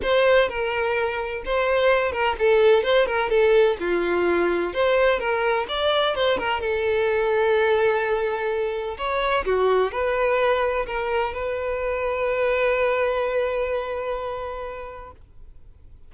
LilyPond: \new Staff \with { instrumentName = "violin" } { \time 4/4 \tempo 4 = 127 c''4 ais'2 c''4~ | c''8 ais'8 a'4 c''8 ais'8 a'4 | f'2 c''4 ais'4 | d''4 c''8 ais'8 a'2~ |
a'2. cis''4 | fis'4 b'2 ais'4 | b'1~ | b'1 | }